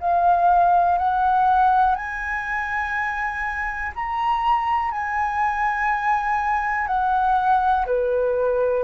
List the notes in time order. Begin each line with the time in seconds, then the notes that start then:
0.00 F5
0.98 F#5
1.95 G#5
3.95 A#5
4.91 G#5
6.88 F#5
7.86 B4